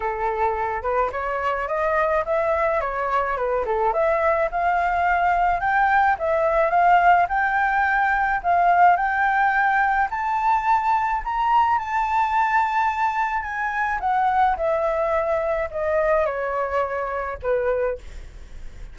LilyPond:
\new Staff \with { instrumentName = "flute" } { \time 4/4 \tempo 4 = 107 a'4. b'8 cis''4 dis''4 | e''4 cis''4 b'8 a'8 e''4 | f''2 g''4 e''4 | f''4 g''2 f''4 |
g''2 a''2 | ais''4 a''2. | gis''4 fis''4 e''2 | dis''4 cis''2 b'4 | }